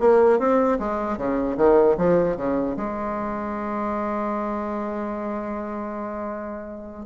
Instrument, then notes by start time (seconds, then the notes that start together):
bassoon
0.00 A#3
0.39 C4
0.79 G#3
1.18 C#3
1.57 D#3
1.98 F3
2.37 C#3
2.77 G#3